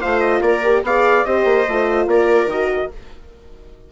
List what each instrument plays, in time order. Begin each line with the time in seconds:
0.00 bassoon A3, horn F4, viola C5, trumpet F5
0.21 trumpet D#5
0.41 bassoon A#3, viola A#4, trumpet D5
0.64 horn G4
0.83 bassoon B3, horn G#4, viola D5, trumpet F5
1.25 bassoon C4, horn G4, viola C5, trumpet D#5
1.45 bassoon A#3
1.68 bassoon A3, horn F4
2.07 bassoon A#3, viola A#4, trumpet D5
2.46 bassoon D#3, horn F#4, trumpet D#5